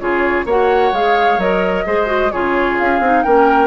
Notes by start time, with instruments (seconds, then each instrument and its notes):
0.00 bassoon C#3, clarinet F4, oboe G#4, flute C#5
0.46 bassoon A#3, clarinet F#4, oboe C#5, flute F#5
0.93 bassoon G#3, clarinet G#4, flute F5
1.38 bassoon F#3, clarinet A#4, flute D#5
1.87 bassoon G#3, clarinet G#4, oboe C5
2.07 clarinet F#4
2.32 bassoon C#3, clarinet F4, oboe G#4, flute C#5
2.79 bassoon C#4, flute F5
3.00 bassoon C4, clarinet D#4
3.23 bassoon A#3, clarinet C#4, oboe A#4, flute G5